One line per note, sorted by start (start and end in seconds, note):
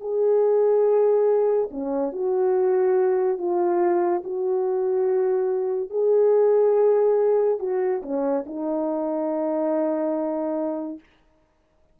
0.00 1.69 G#4
1.71 2.12 C#4
2.12 3.38 F#4
3.38 4.23 F4
4.24 5.90 F#4
5.90 7.59 G#4
7.59 8.02 F#4
8.02 8.45 C#4
8.46 10.99 D#4